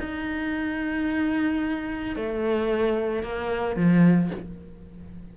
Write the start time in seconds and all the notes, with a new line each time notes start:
0.00 D#4
2.16 A3
3.23 A#3
3.76 F3